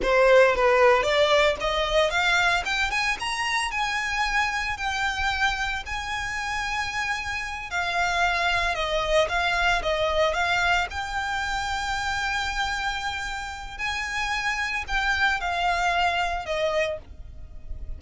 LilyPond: \new Staff \with { instrumentName = "violin" } { \time 4/4 \tempo 4 = 113 c''4 b'4 d''4 dis''4 | f''4 g''8 gis''8 ais''4 gis''4~ | gis''4 g''2 gis''4~ | gis''2~ gis''8 f''4.~ |
f''8 dis''4 f''4 dis''4 f''8~ | f''8 g''2.~ g''8~ | g''2 gis''2 | g''4 f''2 dis''4 | }